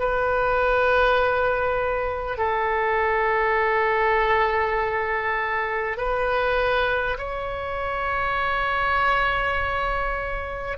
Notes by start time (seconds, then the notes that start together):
0.00 B4
2.38 A4
5.98 B4
7.18 C#5